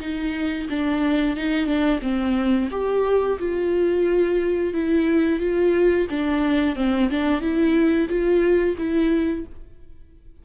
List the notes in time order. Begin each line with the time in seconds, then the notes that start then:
0.00 D#4
0.69 D4
1.36 D#4
1.66 D4
2.02 C4
2.71 G4
3.39 F4
4.73 E4
5.39 F4
6.10 D4
6.76 C4
7.10 D4
7.41 E4
8.09 F4
8.78 E4